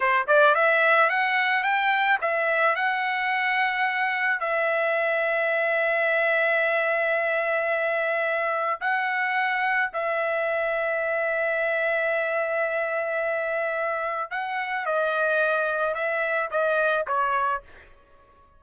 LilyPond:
\new Staff \with { instrumentName = "trumpet" } { \time 4/4 \tempo 4 = 109 c''8 d''8 e''4 fis''4 g''4 | e''4 fis''2. | e''1~ | e''1 |
fis''2 e''2~ | e''1~ | e''2 fis''4 dis''4~ | dis''4 e''4 dis''4 cis''4 | }